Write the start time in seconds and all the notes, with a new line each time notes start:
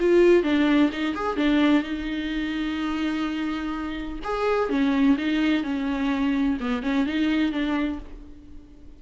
0.00 F4
0.43 D4
0.93 D#4
1.16 G#4
1.37 D4
1.84 D#4
4.24 G#4
4.70 C#4
5.18 D#4
5.64 C#4
6.61 B3
6.83 C#4
7.07 D#4
7.52 D4